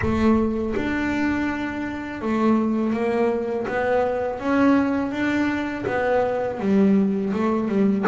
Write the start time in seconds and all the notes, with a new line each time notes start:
0.01 A3
0.76 D4
2.21 A3
2.93 A#3
3.67 B3
4.39 C#4
5.11 D4
5.86 B3
6.59 G3
7.33 A3
7.68 G3